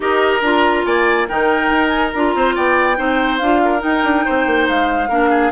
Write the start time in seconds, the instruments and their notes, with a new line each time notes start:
0.00 bassoon D#4, clarinet G4, oboe A#4, flute D#5
0.41 bassoon D4, clarinet F4, flute A#5
0.85 bassoon A#3, oboe D5, flute G#5
1.28 bassoon D#3, clarinet D#4, oboe A#4, flute G5
1.70 bassoon D#4
1.87 flute G#5
2.13 bassoon D4, clarinet F4, flute A#5
2.34 bassoon C4, oboe C5
2.54 bassoon B3, oboe D5, flute G5
2.96 bassoon C4, clarinet D#4, oboe C5
3.38 bassoon D4, clarinet F4, flute F5
3.64 oboe A#4
3.79 clarinet D#4, bassoon D#4, flute G5
4.03 bassoon D4
4.25 bassoon C4, oboe C5
4.46 bassoon A#3
4.67 bassoon G#3, flute F5
5.09 bassoon A#3, clarinet D4, oboe A#4
5.30 oboe G#4